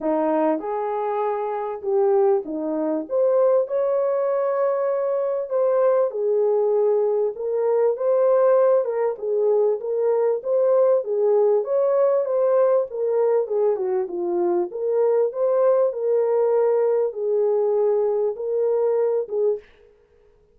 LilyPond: \new Staff \with { instrumentName = "horn" } { \time 4/4 \tempo 4 = 98 dis'4 gis'2 g'4 | dis'4 c''4 cis''2~ | cis''4 c''4 gis'2 | ais'4 c''4. ais'8 gis'4 |
ais'4 c''4 gis'4 cis''4 | c''4 ais'4 gis'8 fis'8 f'4 | ais'4 c''4 ais'2 | gis'2 ais'4. gis'8 | }